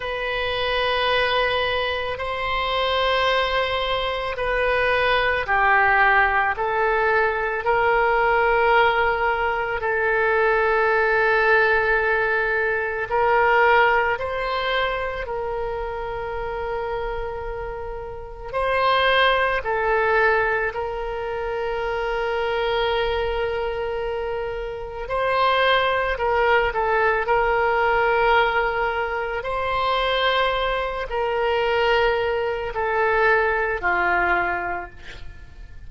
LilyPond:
\new Staff \with { instrumentName = "oboe" } { \time 4/4 \tempo 4 = 55 b'2 c''2 | b'4 g'4 a'4 ais'4~ | ais'4 a'2. | ais'4 c''4 ais'2~ |
ais'4 c''4 a'4 ais'4~ | ais'2. c''4 | ais'8 a'8 ais'2 c''4~ | c''8 ais'4. a'4 f'4 | }